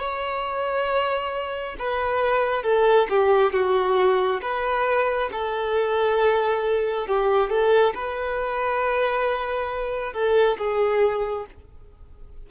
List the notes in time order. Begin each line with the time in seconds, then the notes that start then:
0.00 C#5
1.79 B4
2.64 A4
3.10 G4
3.53 F#4
4.42 B4
5.32 A4
7.07 G4
7.50 A4
7.95 B4
10.14 A4
10.58 G#4